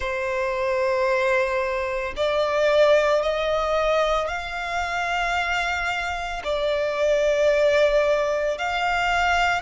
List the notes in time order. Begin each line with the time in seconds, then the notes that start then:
0.00 C5
2.16 D5
3.22 D#5
4.28 F5
6.43 D5
8.58 F5